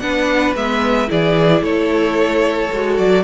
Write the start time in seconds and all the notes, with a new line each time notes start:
0.00 B3 D4 B4 F#5
0.55 G#3 B3 E5
1.07 E3 E4 G#4 D5
1.62 A3 A4 C#5
2.72 G#3 F#4
2.97 F#3 D5